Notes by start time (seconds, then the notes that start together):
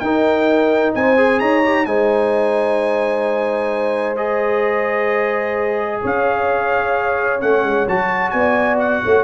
0.00 D#4 A#4 G5
0.95 C4 C5 G#5
1.17 G#4
1.40 D#4 C#5 A#5
1.64 G4
1.86 G#3 D#4 C5 G#5
4.17 G#4 D#5
6.02 C#4 C#5 F5
7.41 A3 C#4 F#5
7.63 G#3
7.87 F#3 F#4 A5
8.30 B3 D5 G#5
8.79 F#5
9.04 A3 C#5